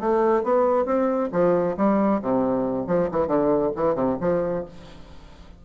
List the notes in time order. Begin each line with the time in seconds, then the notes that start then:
0.00 A3
0.44 B3
0.85 C4
1.32 F3
1.77 G3
2.22 C3
2.87 F3
3.11 E3
3.27 D3
3.76 E3
3.95 C3
4.21 F3